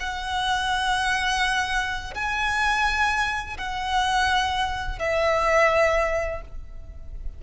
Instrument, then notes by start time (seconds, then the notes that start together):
violin
0.00 F#5
2.15 G#5
3.58 F#5
4.99 E5